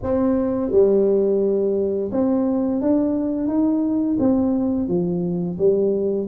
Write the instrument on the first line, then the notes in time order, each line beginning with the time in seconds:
tuba
0.02 C4
0.71 G3
2.11 C4
2.81 D4
3.47 D#4
4.19 C4
4.87 F3
5.58 G3